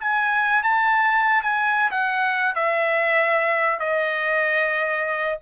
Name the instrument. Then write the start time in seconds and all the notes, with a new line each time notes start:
trumpet
0.00 G#5
0.63 A5
1.42 G#5
1.91 F#5
2.55 E5
3.79 D#5